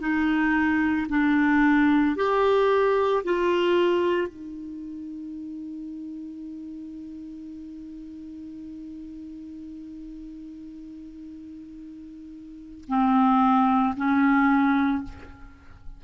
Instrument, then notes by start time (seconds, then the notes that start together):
clarinet
0.00 D#4
1.09 D4
2.16 G4
3.24 F4
4.28 D#4
12.88 C4
13.96 C#4